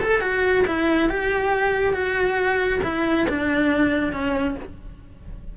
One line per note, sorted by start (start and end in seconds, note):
0.00 0.21 A4
0.21 0.64 F#4
0.67 1.09 E4
1.09 1.93 G4
1.93 2.80 F#4
2.83 3.27 E4
3.29 4.12 D4
4.12 4.56 C#4